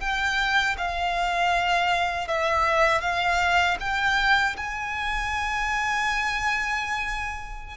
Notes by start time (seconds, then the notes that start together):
0.00 G5
0.77 F5
2.28 E5
3.01 F5
3.80 G5
4.57 G#5